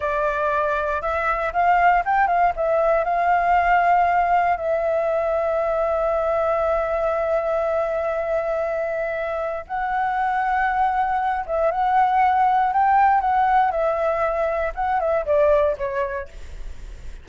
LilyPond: \new Staff \with { instrumentName = "flute" } { \time 4/4 \tempo 4 = 118 d''2 e''4 f''4 | g''8 f''8 e''4 f''2~ | f''4 e''2.~ | e''1~ |
e''2. fis''4~ | fis''2~ fis''8 e''8 fis''4~ | fis''4 g''4 fis''4 e''4~ | e''4 fis''8 e''8 d''4 cis''4 | }